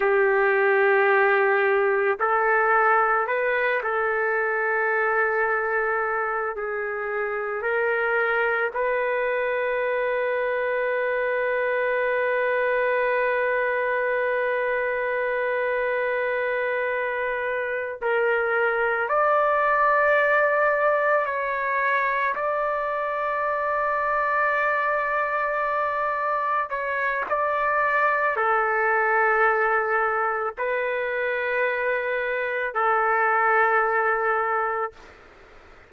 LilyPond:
\new Staff \with { instrumentName = "trumpet" } { \time 4/4 \tempo 4 = 55 g'2 a'4 b'8 a'8~ | a'2 gis'4 ais'4 | b'1~ | b'1~ |
b'8 ais'4 d''2 cis''8~ | cis''8 d''2.~ d''8~ | d''8 cis''8 d''4 a'2 | b'2 a'2 | }